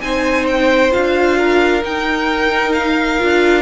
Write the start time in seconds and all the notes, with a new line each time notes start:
0.00 C4 D#4 C5 G#5
0.46 G5
0.91 D4 F4 F5
1.37 A#4
1.82 D#4 G5
2.72 F5
3.19 D4 F4